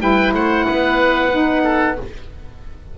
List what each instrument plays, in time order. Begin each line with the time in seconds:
0.00 double bass G3, saxophone E4, oboe B4 G5
0.34 double bass A3, oboe C5 F#5
0.66 double bass B3, oboe B4
1.32 saxophone D#4
1.64 oboe A4